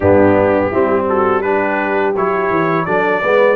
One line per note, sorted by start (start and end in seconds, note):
0.00 0.71 G2
0.00 0.72 B3
0.00 0.69 D4
0.00 1.06 G4
0.70 2.15 G3
0.70 1.42 C4
0.70 1.06 E4
1.08 1.44 F#4
1.08 1.41 A4
1.41 2.14 D4
1.41 2.86 G4
1.41 2.13 B4
2.16 2.50 F#3
2.16 2.87 E4
2.16 2.85 C#5
2.50 2.85 E3
2.85 3.23 F#3
2.85 3.22 D4
2.85 3.21 A4
2.85 3.56 D5
3.21 3.56 G#3
3.21 3.56 B3
3.21 3.56 B4